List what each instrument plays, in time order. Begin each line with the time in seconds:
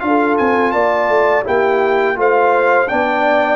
0.00 tuba D4, trombone F4, trumpet F5
0.07 horn A4
0.38 tuba C4, trumpet G#5
0.72 tuba A#3, horn D5, trumpet A5
1.09 tuba A3
1.44 tuba A#3, trombone E4, horn G4, trumpet G5
2.16 tuba A3, trombone F4, horn C5, trumpet F5
2.88 tuba B3, trombone D4, horn D5, trumpet G5